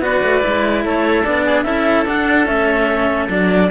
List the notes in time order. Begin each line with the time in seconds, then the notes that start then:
0.00 B3 F#4 B4 D5
0.23 A3
0.41 G#3 E4
0.85 A3 A4 C#5
1.23 B3 D4 D5
1.45 G#4
1.63 C#4 E4 A4 E5
2.06 D4 F#5
2.46 A3 C#4 E5
3.29 F#3 D4 D5